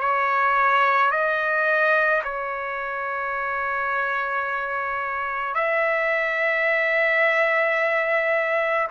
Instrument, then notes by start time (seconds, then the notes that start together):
trumpet
0.00 C#5
1.11 D#5
2.24 C#5
5.55 E5